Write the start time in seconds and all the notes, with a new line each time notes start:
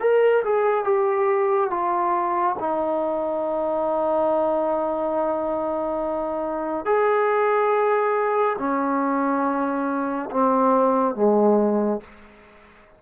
0.00 A#4
0.44 G#4
0.84 G4
1.70 F4
2.59 D#4
6.85 G#4
8.58 C#4
10.31 C4
11.15 G#3